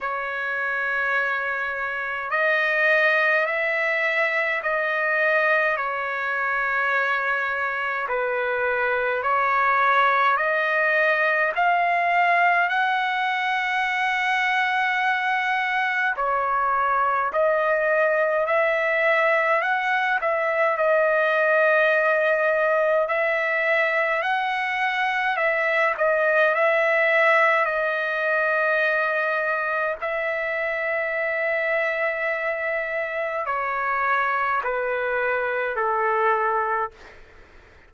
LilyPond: \new Staff \with { instrumentName = "trumpet" } { \time 4/4 \tempo 4 = 52 cis''2 dis''4 e''4 | dis''4 cis''2 b'4 | cis''4 dis''4 f''4 fis''4~ | fis''2 cis''4 dis''4 |
e''4 fis''8 e''8 dis''2 | e''4 fis''4 e''8 dis''8 e''4 | dis''2 e''2~ | e''4 cis''4 b'4 a'4 | }